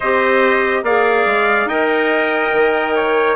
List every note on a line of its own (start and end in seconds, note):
0.00 0.83 C4
0.00 0.86 G4
0.00 0.83 C5
0.00 0.84 D#5
0.83 1.25 A#3
0.83 1.70 G#4
0.83 1.68 D5
0.83 1.68 F5
1.26 1.65 G#3
1.65 2.50 D#4
1.65 3.36 A#4
1.65 2.95 D#5
1.65 3.36 G5
2.52 3.36 D#3
2.95 3.36 C#5